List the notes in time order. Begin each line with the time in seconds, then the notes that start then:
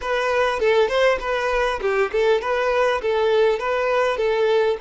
0.01 B4
0.59 A4
0.88 C5
1.20 B4
1.81 G4
2.12 A4
2.41 B4
3.01 A4
3.59 B4
4.17 A4